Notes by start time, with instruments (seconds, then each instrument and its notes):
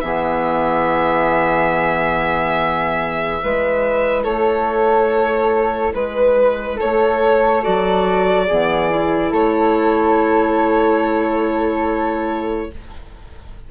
0.00 bassoon E3, clarinet B3, flute G#4, violin E5
3.39 bassoon G#3, clarinet E4, flute B4
4.23 bassoon A3, flute A4, violin C#5
5.93 bassoon G#3, flute B4, violin B4
6.76 bassoon A3, flute A4, violin C#5
7.61 bassoon F#3, clarinet F#4, violin D5
8.46 bassoon E3, clarinet B3, flute G#4
8.90 clarinet E4
9.30 bassoon A3, flute A4, violin C#5